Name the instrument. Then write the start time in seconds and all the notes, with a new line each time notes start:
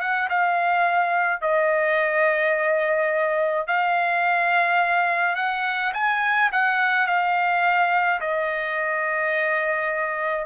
trumpet
0.00 F#5
0.29 F5
1.41 D#5
3.67 F5
5.35 F#5
5.93 G#5
6.52 F#5
7.07 F5
8.20 D#5